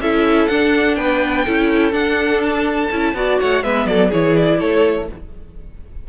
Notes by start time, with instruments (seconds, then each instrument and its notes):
0.00 cello C#4, viola E4, violin A4 E5
0.48 cello D4, viola D4, violin F#5
0.96 cello B3, violin B4 G5
1.45 cello C#4, viola E4, violin A4
1.92 viola D4, cello D4, violin F#5
2.42 violin A5
2.91 cello C#4, viola E4
3.14 cello B3, viola F#4, violin D5
3.39 cello A3, violin C#5 F#5
3.63 cello G#3, viola B3, violin B4 E5
3.86 cello F#3, violin A4 D5
4.10 cello E3, viola E4, violin G#4 C#5
4.37 violin D5
4.60 cello A3, violin A4 C#5